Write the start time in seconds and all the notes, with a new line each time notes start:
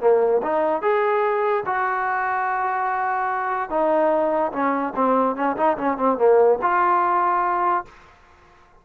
0.00 A#3
0.42 D#4
0.81 G#4
1.66 F#4
3.69 D#4
4.52 C#4
4.95 C4
5.35 C#4
5.56 D#4
5.77 C#4
5.97 C4
6.18 A#3
6.61 F4